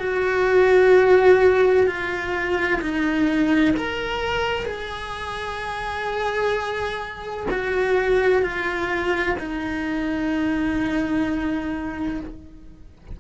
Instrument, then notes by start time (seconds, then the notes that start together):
cello
0.00 F#4
1.87 F4
2.81 D#4
3.77 A#4
4.66 G#4
7.51 F#4
8.42 F4
9.39 D#4